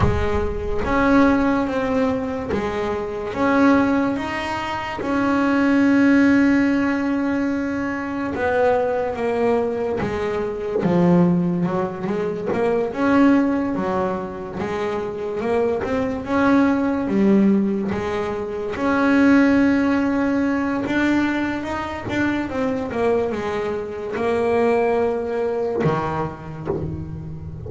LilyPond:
\new Staff \with { instrumentName = "double bass" } { \time 4/4 \tempo 4 = 72 gis4 cis'4 c'4 gis4 | cis'4 dis'4 cis'2~ | cis'2 b4 ais4 | gis4 f4 fis8 gis8 ais8 cis'8~ |
cis'8 fis4 gis4 ais8 c'8 cis'8~ | cis'8 g4 gis4 cis'4.~ | cis'4 d'4 dis'8 d'8 c'8 ais8 | gis4 ais2 dis4 | }